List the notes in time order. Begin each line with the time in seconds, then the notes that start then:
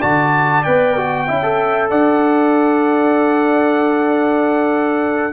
0.00 D3 F#4 D5 A5
0.64 B3 B4 G5
0.97 F#4
1.28 C#4 E4 E5
1.43 A4
1.91 D4 D5 F#5